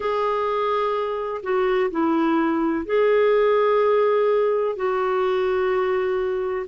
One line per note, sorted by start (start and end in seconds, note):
0.00 1.41 G#4
1.42 1.90 F#4
1.90 2.85 E4
2.85 4.76 G#4
4.76 6.66 F#4